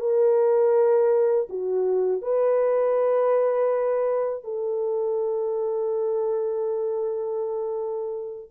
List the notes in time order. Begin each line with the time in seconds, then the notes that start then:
0.00 A#4
1.50 F#4
2.22 B4
4.44 A4